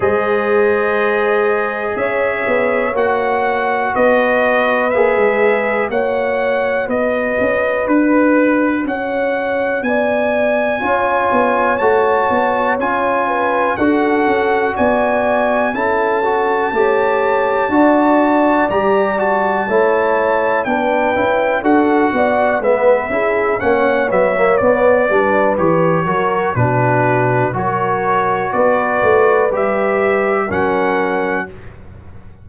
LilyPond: <<
  \new Staff \with { instrumentName = "trumpet" } { \time 4/4 \tempo 4 = 61 dis''2 e''4 fis''4 | dis''4 e''4 fis''4 dis''4 | b'4 fis''4 gis''2 | a''4 gis''4 fis''4 gis''4 |
a''2. ais''8 a''8~ | a''4 g''4 fis''4 e''4 | fis''8 e''8 d''4 cis''4 b'4 | cis''4 d''4 e''4 fis''4 | }
  \new Staff \with { instrumentName = "horn" } { \time 4/4 c''2 cis''2 | b'2 cis''4 b'4~ | b'4 cis''4 d''4 cis''4~ | cis''4. b'8 a'4 d''4 |
a'4 cis''4 d''2 | cis''4 b'4 a'8 d''8 b'8 gis'8 | cis''4. b'4 ais'8 fis'4 | ais'4 b'2 ais'4 | }
  \new Staff \with { instrumentName = "trombone" } { \time 4/4 gis'2. fis'4~ | fis'4 gis'4 fis'2~ | fis'2. f'4 | fis'4 f'4 fis'2 |
e'8 fis'8 g'4 fis'4 g'8 fis'8 | e'4 d'8 e'8 fis'4 b8 e'8 | cis'8 b16 ais16 b8 d'8 g'8 fis'8 d'4 | fis'2 g'4 cis'4 | }
  \new Staff \with { instrumentName = "tuba" } { \time 4/4 gis2 cis'8 b8 ais4 | b4 ais16 gis8. ais4 b8 cis'8 | d'4 cis'4 b4 cis'8 b8 | a8 b8 cis'4 d'8 cis'8 b4 |
cis'4 a4 d'4 g4 | a4 b8 cis'8 d'8 b8 gis8 cis'8 | ais8 fis8 b8 g8 e8 fis8 b,4 | fis4 b8 a8 g4 fis4 | }
>>